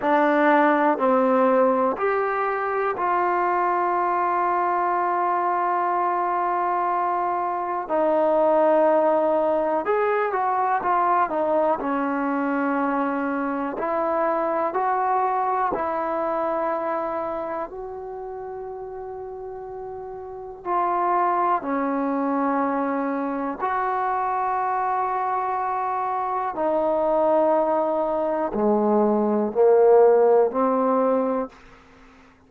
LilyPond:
\new Staff \with { instrumentName = "trombone" } { \time 4/4 \tempo 4 = 61 d'4 c'4 g'4 f'4~ | f'1 | dis'2 gis'8 fis'8 f'8 dis'8 | cis'2 e'4 fis'4 |
e'2 fis'2~ | fis'4 f'4 cis'2 | fis'2. dis'4~ | dis'4 gis4 ais4 c'4 | }